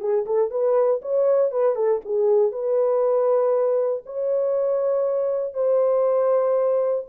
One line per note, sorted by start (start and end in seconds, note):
0.00 0.25 G#4
0.25 0.50 A4
0.50 1.01 B4
1.02 1.51 C#5
1.51 1.75 B4
1.75 2.01 A4
2.05 2.51 G#4
2.51 4.03 B4
4.06 5.54 C#5
5.54 7.05 C5